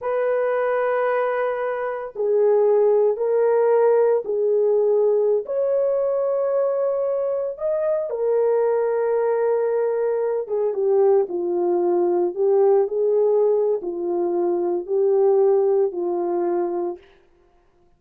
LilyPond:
\new Staff \with { instrumentName = "horn" } { \time 4/4 \tempo 4 = 113 b'1 | gis'2 ais'2 | gis'2~ gis'16 cis''4.~ cis''16~ | cis''2~ cis''16 dis''4 ais'8.~ |
ais'2.~ ais'8. gis'16~ | gis'16 g'4 f'2 g'8.~ | g'16 gis'4.~ gis'16 f'2 | g'2 f'2 | }